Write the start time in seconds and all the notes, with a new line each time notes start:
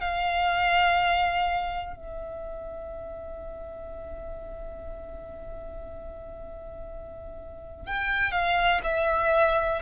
0.00 F5
1.96 E5
7.86 G5
8.32 F5
8.83 E5